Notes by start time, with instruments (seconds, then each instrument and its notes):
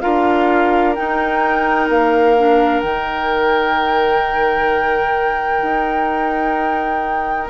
0.00 bassoon D4, clarinet F4, oboe A#4, flute F5
0.95 clarinet D#4, bassoon D#4, flute G5
1.89 bassoon A#3, flute F5
2.38 clarinet D4
2.80 bassoon D#3, clarinet D#4, flute G5
5.62 bassoon D#4